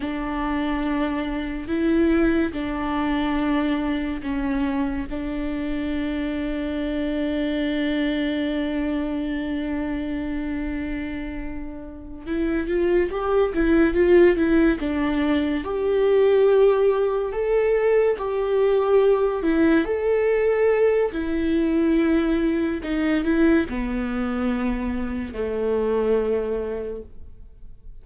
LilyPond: \new Staff \with { instrumentName = "viola" } { \time 4/4 \tempo 4 = 71 d'2 e'4 d'4~ | d'4 cis'4 d'2~ | d'1~ | d'2~ d'8 e'8 f'8 g'8 |
e'8 f'8 e'8 d'4 g'4.~ | g'8 a'4 g'4. e'8 a'8~ | a'4 e'2 dis'8 e'8 | b2 a2 | }